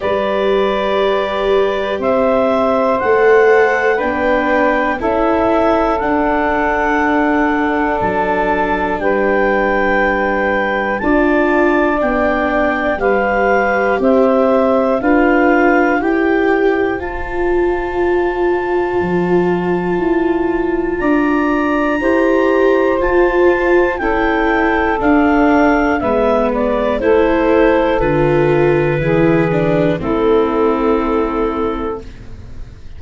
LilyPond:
<<
  \new Staff \with { instrumentName = "clarinet" } { \time 4/4 \tempo 4 = 60 d''2 e''4 fis''4 | g''4 e''4 fis''2 | a''4 g''2 a''4 | g''4 f''4 e''4 f''4 |
g''4 a''2.~ | a''4 ais''2 a''4 | g''4 f''4 e''8 d''8 c''4 | b'2 a'2 | }
  \new Staff \with { instrumentName = "saxophone" } { \time 4/4 b'2 c''2 | b'4 a'2.~ | a'4 b'2 d''4~ | d''4 b'4 c''4 b'4 |
c''1~ | c''4 d''4 c''2 | a'2 b'4 a'4~ | a'4 gis'4 e'2 | }
  \new Staff \with { instrumentName = "viola" } { \time 4/4 g'2. a'4 | d'4 e'4 d'2~ | d'2. f'4 | d'4 g'2 f'4 |
g'4 f'2.~ | f'2 g'4 f'4 | e'4 d'4 b4 e'4 | f'4 e'8 d'8 c'2 | }
  \new Staff \with { instrumentName = "tuba" } { \time 4/4 g2 c'4 a4 | b4 cis'4 d'2 | fis4 g2 d'4 | b4 g4 c'4 d'4 |
e'4 f'2 f4 | e'4 d'4 e'4 f'4 | cis'4 d'4 gis4 a4 | d4 e4 a2 | }
>>